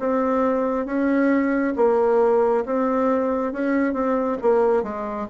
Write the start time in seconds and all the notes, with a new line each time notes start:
0.00 C4
0.86 C#4
1.77 A#3
2.66 C4
3.53 C#4
3.94 C4
4.42 A#3
4.83 G#3